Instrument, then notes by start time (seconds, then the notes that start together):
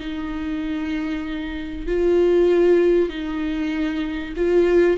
viola
0.00 D#4
1.87 F4
3.09 D#4
4.37 F4